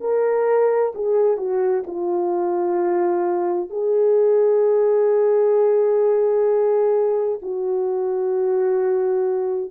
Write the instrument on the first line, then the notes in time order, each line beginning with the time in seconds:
horn
0.00 A#4
0.94 G#4
1.37 F#4
1.86 F4
3.70 G#4
7.41 F#4